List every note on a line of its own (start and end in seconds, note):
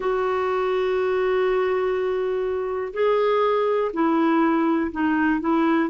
0.00 2.92 F#4
2.93 3.91 G#4
3.93 4.91 E4
4.91 5.40 D#4
5.40 5.89 E4